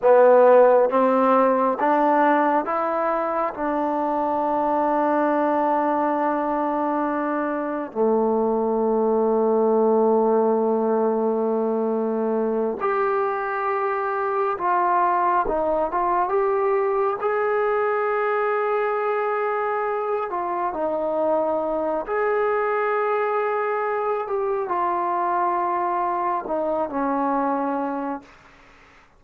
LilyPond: \new Staff \with { instrumentName = "trombone" } { \time 4/4 \tempo 4 = 68 b4 c'4 d'4 e'4 | d'1~ | d'4 a2.~ | a2~ a8 g'4.~ |
g'8 f'4 dis'8 f'8 g'4 gis'8~ | gis'2. f'8 dis'8~ | dis'4 gis'2~ gis'8 g'8 | f'2 dis'8 cis'4. | }